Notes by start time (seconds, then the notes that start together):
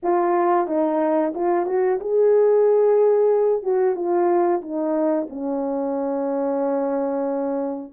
0.02 F4
0.67 D#4
1.34 F4
1.66 F#4
2.00 G#4
3.62 F#4
3.95 F4
4.61 D#4
5.29 C#4